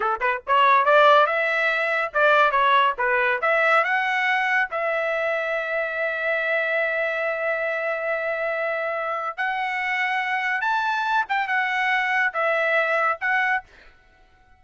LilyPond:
\new Staff \with { instrumentName = "trumpet" } { \time 4/4 \tempo 4 = 141 a'8 b'8 cis''4 d''4 e''4~ | e''4 d''4 cis''4 b'4 | e''4 fis''2 e''4~ | e''1~ |
e''1~ | e''2 fis''2~ | fis''4 a''4. g''8 fis''4~ | fis''4 e''2 fis''4 | }